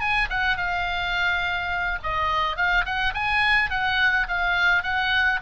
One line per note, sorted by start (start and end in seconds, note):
0.00 0.28 G#5
0.30 0.57 F#5
0.57 1.98 F5
2.03 2.57 D#5
2.57 2.85 F5
2.85 3.13 F#5
3.14 3.70 G#5
3.70 4.27 F#5
4.28 4.83 F5
4.83 5.40 F#5